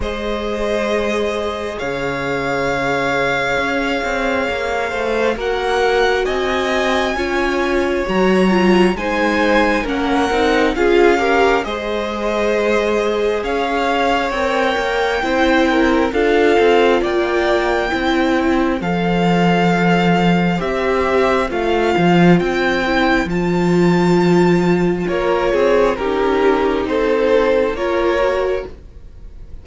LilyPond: <<
  \new Staff \with { instrumentName = "violin" } { \time 4/4 \tempo 4 = 67 dis''2 f''2~ | f''2 fis''4 gis''4~ | gis''4 ais''4 gis''4 fis''4 | f''4 dis''2 f''4 |
g''2 f''4 g''4~ | g''4 f''2 e''4 | f''4 g''4 a''2 | cis''4 ais'4 c''4 cis''4 | }
  \new Staff \with { instrumentName = "violin" } { \time 4/4 c''2 cis''2~ | cis''4. c''8 ais'4 dis''4 | cis''2 c''4 ais'4 | gis'8 ais'8 c''2 cis''4~ |
cis''4 c''8 ais'8 a'4 d''4 | c''1~ | c''1 | ais'8 gis'8 g'4 a'4 ais'4 | }
  \new Staff \with { instrumentName = "viola" } { \time 4/4 gis'1~ | gis'2 fis'2 | f'4 fis'8 f'8 dis'4 cis'8 dis'8 | f'8 g'8 gis'2. |
ais'4 e'4 f'2 | e'4 a'2 g'4 | f'4. e'8 f'2~ | f'4 dis'2 f'8 fis'8 | }
  \new Staff \with { instrumentName = "cello" } { \time 4/4 gis2 cis2 | cis'8 c'8 ais8 a8 ais4 c'4 | cis'4 fis4 gis4 ais8 c'8 | cis'4 gis2 cis'4 |
c'8 ais8 c'4 d'8 c'8 ais4 | c'4 f2 c'4 | a8 f8 c'4 f2 | ais8 c'8 cis'4 c'4 ais4 | }
>>